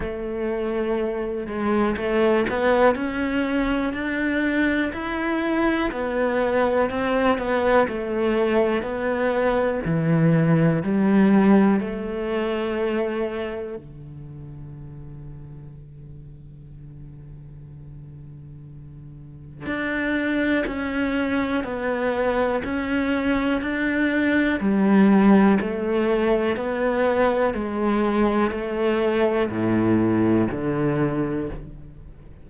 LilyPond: \new Staff \with { instrumentName = "cello" } { \time 4/4 \tempo 4 = 61 a4. gis8 a8 b8 cis'4 | d'4 e'4 b4 c'8 b8 | a4 b4 e4 g4 | a2 d2~ |
d1 | d'4 cis'4 b4 cis'4 | d'4 g4 a4 b4 | gis4 a4 a,4 d4 | }